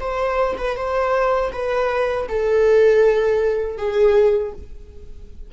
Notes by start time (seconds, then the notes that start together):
0.00 C5
0.57 B4
0.76 C5
1.52 B4
2.28 A4
3.77 G#4